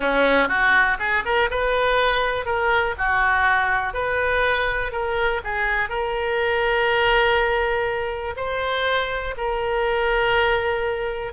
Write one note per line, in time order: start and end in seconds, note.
0.00 0.48 C#4
0.48 0.97 F#4
0.99 1.23 G#4
1.25 1.49 A#4
1.50 2.45 B4
2.45 2.94 A#4
2.98 3.93 F#4
3.93 4.92 B4
4.92 5.41 A#4
5.43 5.89 G#4
5.89 8.35 A#4
8.36 9.34 C5
9.37 11.32 A#4